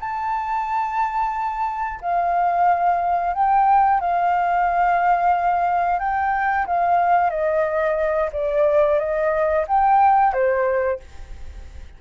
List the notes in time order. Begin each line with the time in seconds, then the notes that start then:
0.00 A5
2.01 F5
3.34 G5
4.00 F5
5.99 G5
6.66 F5
7.30 D#5
8.32 D5
8.99 D#5
9.68 G5
10.33 C5